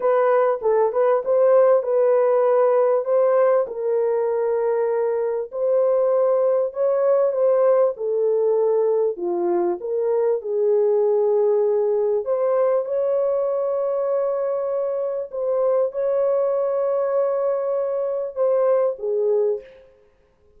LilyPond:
\new Staff \with { instrumentName = "horn" } { \time 4/4 \tempo 4 = 98 b'4 a'8 b'8 c''4 b'4~ | b'4 c''4 ais'2~ | ais'4 c''2 cis''4 | c''4 a'2 f'4 |
ais'4 gis'2. | c''4 cis''2.~ | cis''4 c''4 cis''2~ | cis''2 c''4 gis'4 | }